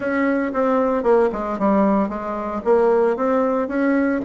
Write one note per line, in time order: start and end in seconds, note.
0.00 0.52 C#4
0.53 1.03 C4
1.03 1.29 A#3
1.32 1.58 G#3
1.58 2.08 G3
2.08 2.61 G#3
2.64 3.16 A#3
3.16 3.68 C4
3.68 4.20 C#4